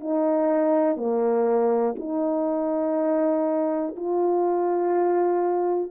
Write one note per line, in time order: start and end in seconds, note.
0.00 0.96 D#4
0.96 1.94 A#3
1.99 3.95 D#4
3.96 5.91 F4